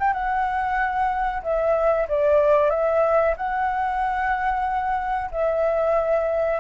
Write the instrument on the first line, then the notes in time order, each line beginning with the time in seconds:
flute
0.00 G5
0.14 F#5
1.43 E5
2.09 D5
2.71 E5
3.38 F#5
5.32 E5